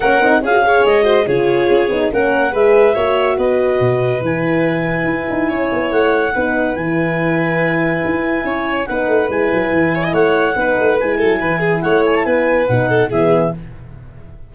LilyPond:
<<
  \new Staff \with { instrumentName = "clarinet" } { \time 4/4 \tempo 4 = 142 fis''4 f''4 dis''4 cis''4~ | cis''4 fis''4 e''2 | dis''2 gis''2~ | gis''2 fis''2 |
gis''1~ | gis''4 fis''4 gis''2 | fis''2 gis''2 | fis''8 gis''16 a''16 gis''4 fis''4 e''4 | }
  \new Staff \with { instrumentName = "violin" } { \time 4/4 ais'4 gis'8 cis''4 c''8 gis'4~ | gis'4 ais'4 b'4 cis''4 | b'1~ | b'4 cis''2 b'4~ |
b'1 | cis''4 b'2~ b'8 cis''16 dis''16 | cis''4 b'4. a'8 b'8 gis'8 | cis''4 b'4. a'8 gis'4 | }
  \new Staff \with { instrumentName = "horn" } { \time 4/4 cis'8 dis'8 f'16 fis'16 gis'4 fis'8 f'4~ | f'8 dis'8 cis'4 gis'4 fis'4~ | fis'2 e'2~ | e'2. dis'4 |
e'1~ | e'4 dis'4 e'2~ | e'4 dis'4 e'2~ | e'2 dis'4 b4 | }
  \new Staff \with { instrumentName = "tuba" } { \time 4/4 ais8 c'8 cis'4 gis4 cis4 | cis'8 b8 ais4 gis4 ais4 | b4 b,4 e2 | e'8 dis'8 cis'8 b8 a4 b4 |
e2. e'4 | cis'4 b8 a8 gis8 fis8 e4 | a4 b8 a8 gis8 fis8 e4 | a4 b4 b,4 e4 | }
>>